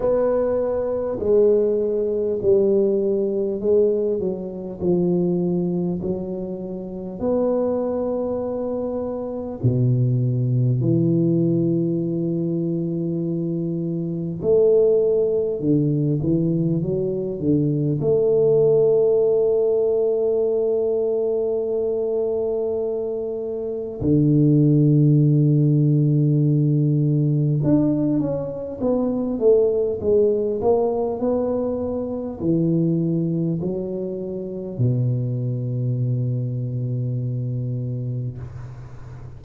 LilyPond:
\new Staff \with { instrumentName = "tuba" } { \time 4/4 \tempo 4 = 50 b4 gis4 g4 gis8 fis8 | f4 fis4 b2 | b,4 e2. | a4 d8 e8 fis8 d8 a4~ |
a1 | d2. d'8 cis'8 | b8 a8 gis8 ais8 b4 e4 | fis4 b,2. | }